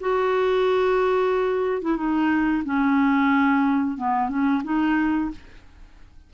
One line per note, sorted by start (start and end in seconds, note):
0.00 1.82 F#4
1.82 1.97 E4
1.97 2.63 D#4
2.65 3.97 C#4
3.97 4.29 B3
4.29 4.62 C#4
4.64 5.30 D#4